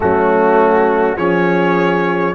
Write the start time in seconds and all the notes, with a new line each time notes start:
0.00 F#3 A3 C#4 F#4
1.16 F3 C#4 G#4 C#5